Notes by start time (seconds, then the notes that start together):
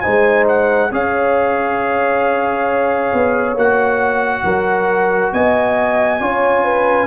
0.00 D#4 C5 G#5
0.06 G#3
0.48 F#5
0.91 C#4 G#4 C#5 F5
3.13 B3
3.55 A#3 F#4 F#5
4.44 F#3 A#4
5.32 B3 D#5 G#5
6.20 C#4 F4 C#5
6.64 B4